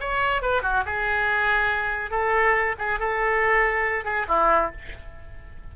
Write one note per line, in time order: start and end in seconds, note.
0.00 0.42 C#5
0.42 0.62 B4
0.62 0.84 F#4
0.85 2.11 G#4
2.11 2.75 A4
2.78 2.99 G#4
2.99 4.05 A4
4.05 4.26 G#4
4.28 4.71 E4